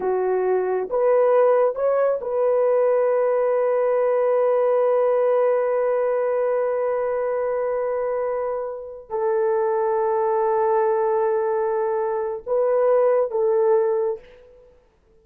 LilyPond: \new Staff \with { instrumentName = "horn" } { \time 4/4 \tempo 4 = 135 fis'2 b'2 | cis''4 b'2.~ | b'1~ | b'1~ |
b'1~ | b'8 a'2.~ a'8~ | a'1 | b'2 a'2 | }